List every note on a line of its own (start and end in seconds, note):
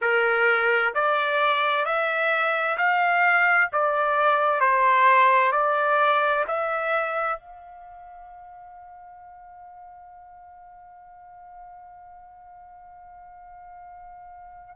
0.01 0.93 A#4
0.94 1.85 D5
1.85 2.77 E5
2.77 3.70 F5
3.72 4.60 D5
4.60 5.52 C5
5.52 6.44 D5
6.47 7.38 E5
7.38 14.76 F5